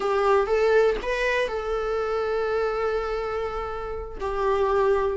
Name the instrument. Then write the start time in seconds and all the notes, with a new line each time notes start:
viola
0.00 G4
0.46 A4
1.02 B4
1.48 A4
4.20 G4